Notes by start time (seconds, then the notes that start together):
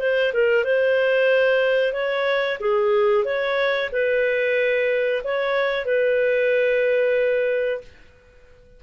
0.00 C5
0.33 A#4
0.64 C5
1.93 C#5
2.60 G#4
3.25 C#5
3.92 B4
5.24 C#5
5.85 B4